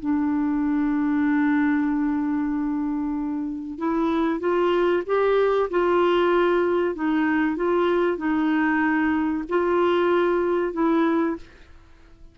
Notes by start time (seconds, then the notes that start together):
0.00 D4
3.79 E4
4.40 F4
5.07 G4
5.70 F4
6.96 D#4
7.57 F4
8.18 D#4
9.49 F4
10.74 E4